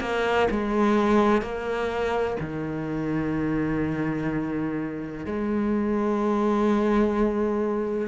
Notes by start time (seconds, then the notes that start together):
0.00 A#3
0.50 G#3
1.42 A#3
2.40 D#3
5.25 G#3